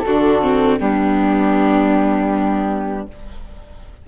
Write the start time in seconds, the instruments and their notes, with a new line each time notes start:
0.00 bassoon D3, violin F#4, flute A4
0.07 viola D4
0.42 viola C4
0.79 bassoon G3, viola B3, violin D4, flute G4